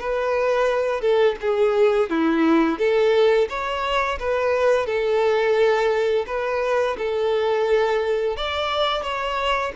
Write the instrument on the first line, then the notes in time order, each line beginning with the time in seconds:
violin
0.00 B4
1.01 A4
1.41 G#4
2.10 E4
2.78 A4
3.49 C#5
4.19 B4
4.86 A4
6.27 B4
6.98 A4
8.37 D5
9.02 C#5